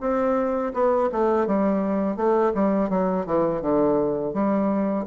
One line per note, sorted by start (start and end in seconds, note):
0.00 0.72 C4
0.73 1.09 B3
1.11 1.47 A3
1.47 2.16 G3
2.16 2.52 A3
2.54 2.89 G3
2.89 3.25 F#3
3.25 3.61 E3
3.61 4.33 D3
4.33 5.06 G3